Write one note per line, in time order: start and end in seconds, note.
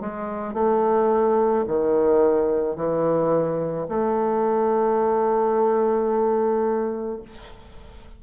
0.00 0.54 G#3
0.54 1.65 A3
1.67 2.76 D#3
2.76 3.87 E3
3.88 7.22 A3